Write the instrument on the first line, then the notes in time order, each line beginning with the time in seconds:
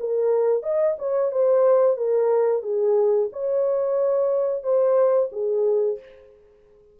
horn
0.00 A#4
0.63 D#5
0.98 C#5
1.32 C5
1.97 A#4
2.63 G#4
3.33 C#5
4.63 C5
5.32 G#4